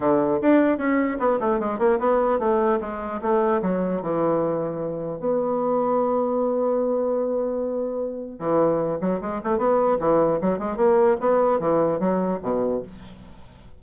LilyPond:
\new Staff \with { instrumentName = "bassoon" } { \time 4/4 \tempo 4 = 150 d4 d'4 cis'4 b8 a8 | gis8 ais8 b4 a4 gis4 | a4 fis4 e2~ | e4 b2.~ |
b1~ | b4 e4. fis8 gis8 a8 | b4 e4 fis8 gis8 ais4 | b4 e4 fis4 b,4 | }